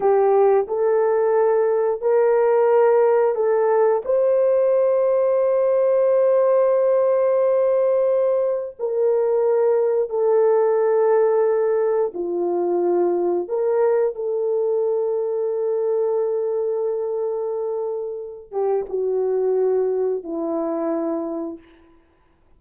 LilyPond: \new Staff \with { instrumentName = "horn" } { \time 4/4 \tempo 4 = 89 g'4 a'2 ais'4~ | ais'4 a'4 c''2~ | c''1~ | c''4 ais'2 a'4~ |
a'2 f'2 | ais'4 a'2.~ | a'2.~ a'8 g'8 | fis'2 e'2 | }